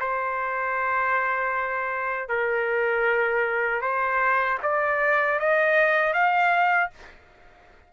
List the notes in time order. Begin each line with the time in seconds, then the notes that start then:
0.00 C5
2.29 A#4
3.82 C5
4.63 D5
5.40 D#5
6.14 F5